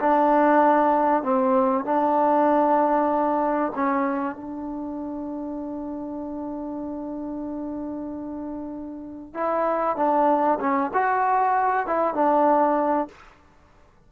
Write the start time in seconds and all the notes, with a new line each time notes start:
0.00 D4
1.23 C4
1.85 D4
3.76 C#4
4.36 D4
9.34 E4
9.97 D4
10.61 C#4
10.94 F#4
11.87 E4
12.15 D4